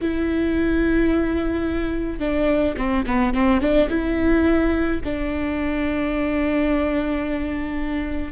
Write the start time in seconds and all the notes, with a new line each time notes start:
0.01 E4
2.19 D4
2.76 C4
3.06 B3
3.33 C4
3.60 D4
3.89 E4
5.04 D4